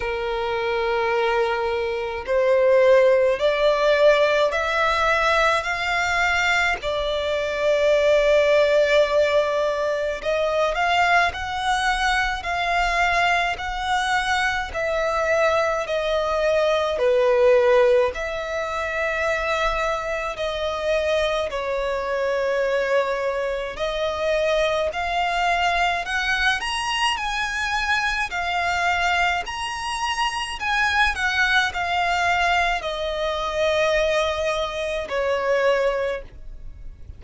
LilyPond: \new Staff \with { instrumentName = "violin" } { \time 4/4 \tempo 4 = 53 ais'2 c''4 d''4 | e''4 f''4 d''2~ | d''4 dis''8 f''8 fis''4 f''4 | fis''4 e''4 dis''4 b'4 |
e''2 dis''4 cis''4~ | cis''4 dis''4 f''4 fis''8 ais''8 | gis''4 f''4 ais''4 gis''8 fis''8 | f''4 dis''2 cis''4 | }